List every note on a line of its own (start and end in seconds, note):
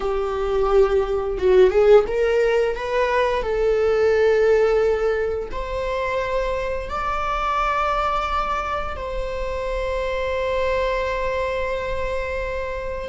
0.00 1.38 G4
1.38 1.70 F#4
1.70 2.04 G#4
2.07 2.75 A#4
2.75 3.42 B4
3.42 5.49 A4
5.51 6.89 C5
6.89 8.96 D5
8.96 13.08 C5